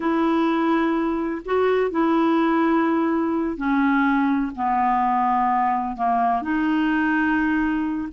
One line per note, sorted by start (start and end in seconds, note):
0.00 1.42 E4
1.45 1.90 F#4
1.90 3.56 E4
3.56 4.52 C#4
4.55 5.96 B3
5.96 6.42 A#3
6.42 8.08 D#4